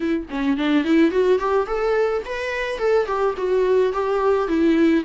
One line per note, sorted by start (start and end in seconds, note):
0.00 0.26 E4
0.30 0.57 C#4
0.57 0.84 D4
0.84 1.11 E4
1.11 1.39 F#4
1.39 1.66 G4
1.66 2.22 A4
2.25 2.78 B4
2.78 3.06 A4
3.06 3.34 G4
3.37 3.92 F#4
3.92 4.47 G4
4.47 5.03 E4